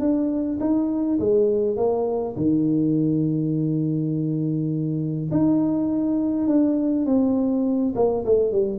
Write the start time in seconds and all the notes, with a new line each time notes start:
0.00 D4
0.60 D#4
1.20 G#3
1.77 A#3
2.36 D#3
5.32 D#4
6.48 D4
7.06 C4
7.95 A#3
8.26 A3
8.52 G3